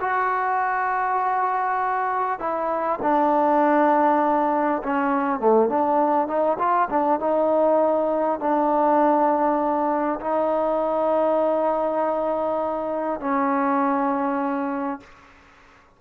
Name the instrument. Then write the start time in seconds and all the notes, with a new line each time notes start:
trombone
0.00 F#4
2.39 E4
3.02 D4
4.83 C#4
5.39 A3
5.69 D4
6.27 D#4
6.58 F4
6.89 D4
7.19 D#4
8.39 D4
10.20 D#4
13.20 C#4